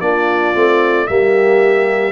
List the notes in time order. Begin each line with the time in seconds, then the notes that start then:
0.00 A#3 D4 F4 D5
0.53 A3 C4
1.07 G3 A#3 G4 E5